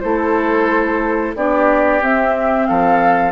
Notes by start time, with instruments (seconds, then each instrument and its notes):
0.00 bassoon A3, clarinet E4, oboe A4, flute C5
1.35 bassoon B3, clarinet D4, oboe G4, flute D5
2.01 bassoon C4, clarinet C4, flute E5
2.66 bassoon F3, oboe A4, flute F5